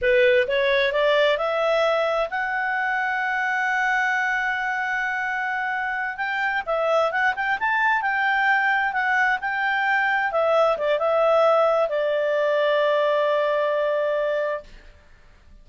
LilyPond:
\new Staff \with { instrumentName = "clarinet" } { \time 4/4 \tempo 4 = 131 b'4 cis''4 d''4 e''4~ | e''4 fis''2.~ | fis''1~ | fis''4. g''4 e''4 fis''8 |
g''8 a''4 g''2 fis''8~ | fis''8 g''2 e''4 d''8 | e''2 d''2~ | d''1 | }